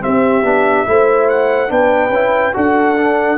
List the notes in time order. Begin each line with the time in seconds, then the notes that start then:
0.00 C4 G4 E5
0.07 C4
0.43 B3 D4
0.86 A3 E4 C5
1.29 F#5
1.68 B3 D4 B4 G5
2.10 C#4 E4
2.54 D4 F#4 A4 F#5
2.95 D4